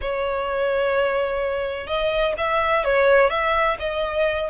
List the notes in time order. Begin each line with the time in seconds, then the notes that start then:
0.01 C#5
1.86 D#5
2.37 E5
2.84 C#5
3.30 E5
3.79 D#5